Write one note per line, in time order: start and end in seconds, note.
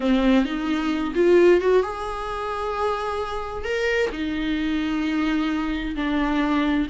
0.00 0.45 C4
0.45 1.13 D#4
1.15 1.60 F4
1.61 1.82 F#4
1.82 3.64 G#4
3.64 4.10 A#4
4.12 5.95 D#4
5.95 6.87 D4